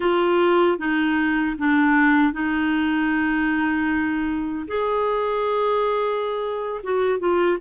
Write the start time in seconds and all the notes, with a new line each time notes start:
0.00 F4
0.78 D#4
1.58 D4
2.32 D#4
4.67 G#4
6.83 F#4
7.19 F4